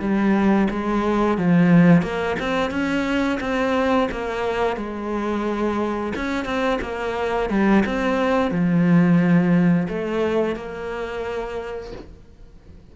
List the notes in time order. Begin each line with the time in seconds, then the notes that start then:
0.00 G3
0.70 G#3
1.38 F3
2.02 A#3
2.40 C4
2.71 C#4
3.41 C4
4.12 A#3
4.77 G#3
6.16 C#4
6.45 C4
6.82 A#3
7.50 G3
7.86 C4
8.51 F3
9.89 A3
10.56 A#3